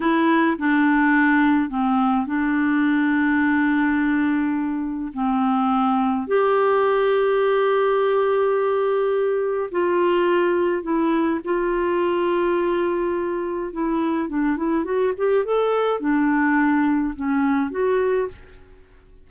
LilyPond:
\new Staff \with { instrumentName = "clarinet" } { \time 4/4 \tempo 4 = 105 e'4 d'2 c'4 | d'1~ | d'4 c'2 g'4~ | g'1~ |
g'4 f'2 e'4 | f'1 | e'4 d'8 e'8 fis'8 g'8 a'4 | d'2 cis'4 fis'4 | }